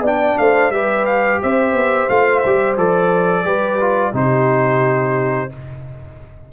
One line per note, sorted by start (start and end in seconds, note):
0.00 0.34 B3
0.00 0.73 D4
0.00 0.36 D5
0.06 0.38 G5
0.38 0.70 A3
0.38 0.73 C5
0.38 0.71 F5
0.70 1.38 G3
0.70 2.09 G4
0.70 1.42 B4
0.70 1.05 E5
1.06 1.40 F5
1.42 1.73 C4
1.42 3.45 C5
1.42 2.09 E5
1.73 2.07 B3
2.09 2.44 A3
2.09 2.43 F4
2.09 2.39 F5
2.39 2.77 G3
2.39 2.73 E5
2.46 2.78 G4
2.77 3.44 F3
2.77 3.44 A4
2.77 4.15 D5
3.44 4.12 G3
3.44 3.79 G4
3.44 4.14 B4
3.80 4.13 F4
4.13 5.49 C3
4.13 5.49 D#4
4.13 5.51 G4
4.13 5.52 C5